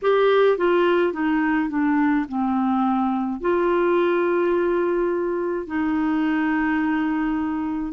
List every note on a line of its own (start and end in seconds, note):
0.02 0.57 G4
0.57 1.13 F4
1.13 1.69 D#4
1.69 2.25 D4
2.28 3.41 C4
3.41 5.67 F4
5.67 7.92 D#4